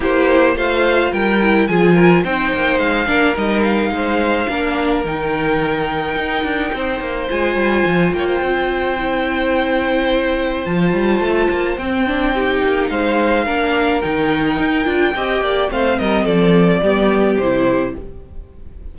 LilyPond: <<
  \new Staff \with { instrumentName = "violin" } { \time 4/4 \tempo 4 = 107 c''4 f''4 g''4 gis''4 | g''4 f''4 dis''8 f''4.~ | f''4 g''2.~ | g''4 gis''4. g''4.~ |
g''2. a''4~ | a''4 g''2 f''4~ | f''4 g''2. | f''8 dis''8 d''2 c''4 | }
  \new Staff \with { instrumentName = "violin" } { \time 4/4 g'4 c''4 ais'4 gis'8 ais'8 | c''4. ais'4. c''4 | ais'1 | c''2~ c''8 cis''16 c''4~ c''16~ |
c''1~ | c''2 g'4 c''4 | ais'2. dis''8 d''8 | c''8 ais'8 a'4 g'2 | }
  \new Staff \with { instrumentName = "viola" } { \time 4/4 e'4 f'4. e'8 f'4 | dis'4. d'8 dis'2 | d'4 dis'2.~ | dis'4 f'2. |
e'2. f'4~ | f'4 c'8 d'8 dis'2 | d'4 dis'4. f'8 g'4 | c'2 b4 e'4 | }
  \new Staff \with { instrumentName = "cello" } { \time 4/4 ais4 a4 g4 f4 | c'8 ais8 gis8 ais8 g4 gis4 | ais4 dis2 dis'8 d'8 | c'8 ais8 gis8 g8 f8 ais8 c'4~ |
c'2. f8 g8 | a8 ais8 c'4. ais8 gis4 | ais4 dis4 dis'8 d'8 c'8 ais8 | a8 g8 f4 g4 c4 | }
>>